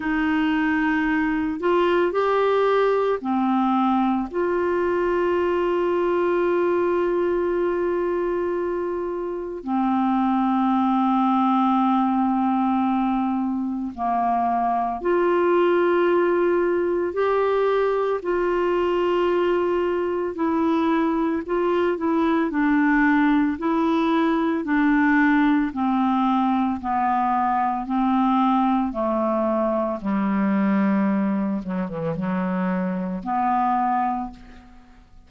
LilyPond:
\new Staff \with { instrumentName = "clarinet" } { \time 4/4 \tempo 4 = 56 dis'4. f'8 g'4 c'4 | f'1~ | f'4 c'2.~ | c'4 ais4 f'2 |
g'4 f'2 e'4 | f'8 e'8 d'4 e'4 d'4 | c'4 b4 c'4 a4 | g4. fis16 e16 fis4 b4 | }